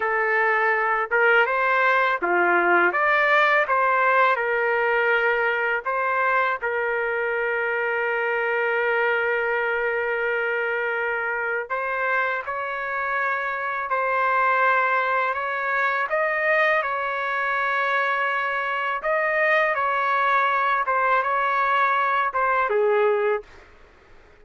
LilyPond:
\new Staff \with { instrumentName = "trumpet" } { \time 4/4 \tempo 4 = 82 a'4. ais'8 c''4 f'4 | d''4 c''4 ais'2 | c''4 ais'2.~ | ais'1 |
c''4 cis''2 c''4~ | c''4 cis''4 dis''4 cis''4~ | cis''2 dis''4 cis''4~ | cis''8 c''8 cis''4. c''8 gis'4 | }